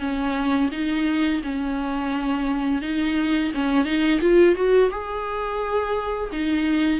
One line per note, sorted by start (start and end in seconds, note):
0.00 0.70 C#4
0.72 1.42 D#4
1.43 2.82 C#4
2.82 3.52 D#4
3.54 3.85 C#4
3.85 4.20 D#4
4.21 4.55 F4
4.55 4.90 F#4
4.91 6.30 G#4
6.32 7.00 D#4